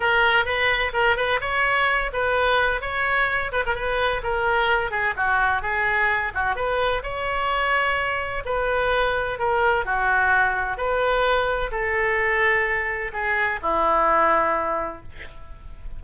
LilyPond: \new Staff \with { instrumentName = "oboe" } { \time 4/4 \tempo 4 = 128 ais'4 b'4 ais'8 b'8 cis''4~ | cis''8 b'4. cis''4. b'16 ais'16 | b'4 ais'4. gis'8 fis'4 | gis'4. fis'8 b'4 cis''4~ |
cis''2 b'2 | ais'4 fis'2 b'4~ | b'4 a'2. | gis'4 e'2. | }